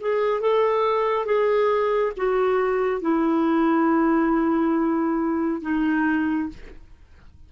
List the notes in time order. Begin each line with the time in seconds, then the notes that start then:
0.00 G#4
0.40 A4
1.25 G#4
2.17 F#4
3.01 E4
5.61 D#4